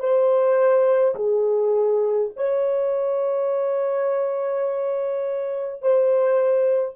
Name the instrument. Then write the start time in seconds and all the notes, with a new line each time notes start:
horn
0.00 C5
1.16 G#4
2.37 C#5
5.83 C5